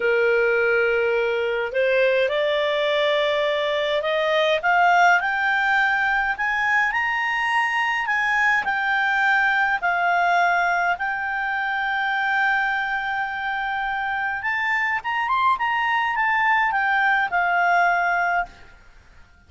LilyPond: \new Staff \with { instrumentName = "clarinet" } { \time 4/4 \tempo 4 = 104 ais'2. c''4 | d''2. dis''4 | f''4 g''2 gis''4 | ais''2 gis''4 g''4~ |
g''4 f''2 g''4~ | g''1~ | g''4 a''4 ais''8 c'''8 ais''4 | a''4 g''4 f''2 | }